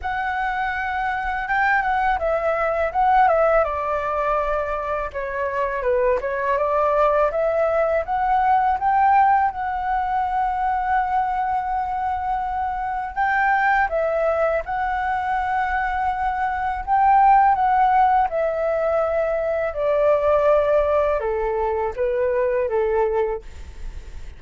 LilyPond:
\new Staff \with { instrumentName = "flute" } { \time 4/4 \tempo 4 = 82 fis''2 g''8 fis''8 e''4 | fis''8 e''8 d''2 cis''4 | b'8 cis''8 d''4 e''4 fis''4 | g''4 fis''2.~ |
fis''2 g''4 e''4 | fis''2. g''4 | fis''4 e''2 d''4~ | d''4 a'4 b'4 a'4 | }